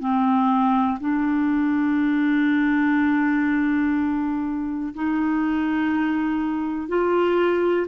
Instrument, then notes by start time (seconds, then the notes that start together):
clarinet
0.00 C4
1.00 D4
4.94 D#4
6.88 F4